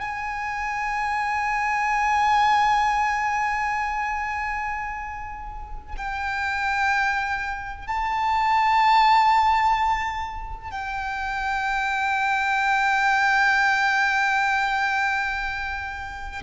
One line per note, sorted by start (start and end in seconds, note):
0.00 5.95 G#5
5.97 7.87 G5
7.87 10.71 A5
10.71 16.42 G5